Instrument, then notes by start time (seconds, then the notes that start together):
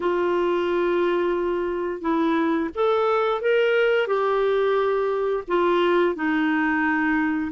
clarinet
0.00 F4
2.01 E4
2.75 A4
3.41 A#4
4.07 G4
5.47 F4
6.15 D#4